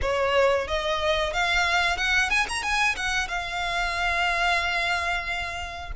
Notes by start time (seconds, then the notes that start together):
0.01 C#5
0.67 D#5
1.33 F5
1.97 F#5
2.30 G#5
2.48 A#5
2.62 G#5
2.96 F#5
3.28 F5